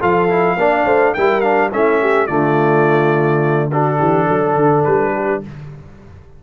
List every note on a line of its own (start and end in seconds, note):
0.00 0.56 F3
0.00 0.29 F4
0.00 0.57 A4
0.00 1.14 F5
0.29 0.57 E4
0.56 0.85 A#3
0.56 1.16 D4
0.56 0.85 D5
0.85 1.14 A3
0.85 1.13 C5
1.14 1.72 G3
1.14 1.42 E4
1.14 1.71 A#4
1.14 1.40 G5
1.40 1.71 D4
1.40 1.69 F5
1.72 2.29 A3
1.72 2.28 C#4
1.72 2.01 E4
1.72 2.27 E5
2.01 2.27 G4
2.27 4.00 D3
2.27 3.71 A3
2.27 3.70 F4
2.27 3.70 D5
3.71 5.43 D4
3.71 3.97 F#4
3.71 4.84 A4
3.97 4.28 E3
3.97 4.26 G4
4.27 4.55 F#3
4.27 5.13 A4
4.55 4.84 D3
4.84 5.43 G3
4.84 5.41 B4
5.13 5.42 G4